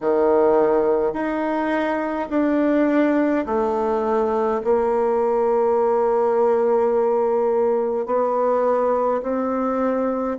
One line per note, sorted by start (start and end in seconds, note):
0.01 1.13 D#3
1.13 2.28 D#4
2.29 3.45 D4
3.46 4.61 A3
4.64 8.06 A#3
8.06 9.21 B3
9.22 10.37 C4